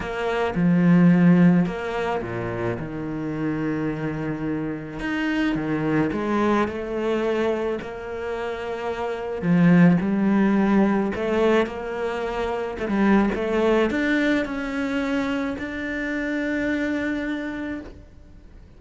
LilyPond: \new Staff \with { instrumentName = "cello" } { \time 4/4 \tempo 4 = 108 ais4 f2 ais4 | ais,4 dis2.~ | dis4 dis'4 dis4 gis4 | a2 ais2~ |
ais4 f4 g2 | a4 ais2 a16 g8. | a4 d'4 cis'2 | d'1 | }